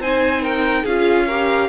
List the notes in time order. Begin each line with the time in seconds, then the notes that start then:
0.00 C4 D#4 C5 G#5
0.43 A#4 G5
0.84 C#4 F4 G#4 F5
1.27 G4 A#4